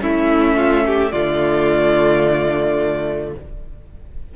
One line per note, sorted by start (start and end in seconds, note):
0.00 1.12 A3
0.00 1.11 C#4
0.00 0.56 E4
0.00 1.11 E5
0.56 0.84 F4
0.86 1.12 G4
1.11 3.35 D3
1.11 3.36 A3
1.11 3.34 F4
1.11 3.34 D5